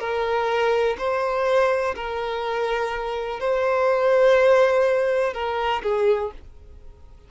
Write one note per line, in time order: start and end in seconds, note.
0.00 0.97 A#4
0.99 1.95 C5
1.96 3.40 A#4
3.40 5.34 C5
5.34 5.82 A#4
5.83 6.32 G#4